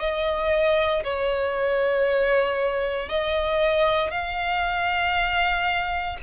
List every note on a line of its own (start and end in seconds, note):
0.00 1.03 D#5
1.04 3.09 C#5
3.09 4.11 D#5
4.11 6.18 F5